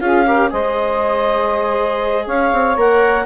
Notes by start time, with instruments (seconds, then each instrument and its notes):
0.00 bassoon C#4, viola F4, saxophone G#4, clarinet F5
0.25 viola G4, saxophone A#4
0.50 bassoon G#3, viola G#4, saxophone C5, clarinet D#5
2.25 bassoon C#4, saxophone C#5, clarinet F5
2.52 bassoon C4
2.76 bassoon A#3, viola A#4, clarinet F#5